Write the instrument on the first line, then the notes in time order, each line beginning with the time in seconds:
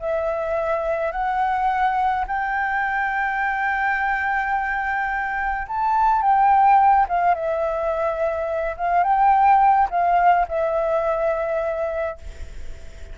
flute
0.00 E5
1.12 F#5
2.27 G5
5.68 A5
6.22 G5
7.09 F5
7.35 E5
8.77 F5
9.04 G5
9.91 F5
10.48 E5